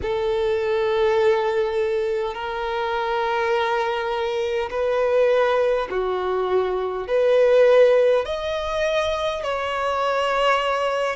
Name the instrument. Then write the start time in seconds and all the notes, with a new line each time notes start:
violin
0.02 A4
2.34 A#4
4.70 B4
5.90 F#4
7.07 B4
8.25 D#5
9.43 C#5